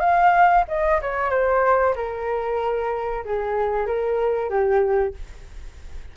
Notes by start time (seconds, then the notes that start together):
0.00 F5
0.68 D#5
1.02 C#5
1.30 C5
1.96 A#4
3.25 G#4
3.87 A#4
4.50 G4